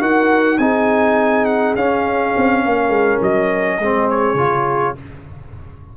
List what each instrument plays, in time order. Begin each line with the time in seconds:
0.00 tuba D#4, trombone F#4, horn A#4, trumpet F#5
0.58 tuba C4, trombone D#4, horn G#4, trumpet G#5
1.45 trumpet F#5
1.75 tuba C#4, trombone C#4, trumpet F5
2.37 tuba C4
2.65 tuba A#3, horn A#4
2.89 tuba G#3
3.21 tuba F#3, trumpet D#5
3.79 tuba G#3, trombone C4, horn G#4
4.09 trumpet C#5
4.34 tuba C#3, trombone F4